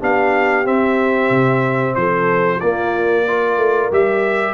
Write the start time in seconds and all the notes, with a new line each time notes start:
0.00 B3 D4 G4 F5
0.65 C4 E5
1.30 C3
1.96 F3 A4 C5
2.59 A#3 F4 D5
3.28 F4 A#4
3.57 A3
3.92 G3 G4 E5